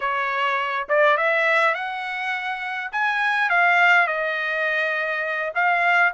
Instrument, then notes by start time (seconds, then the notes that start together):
trumpet
0.00 C#5
0.88 D5
1.17 E5
1.74 F#5
2.92 G#5
3.49 F5
4.07 D#5
5.54 F5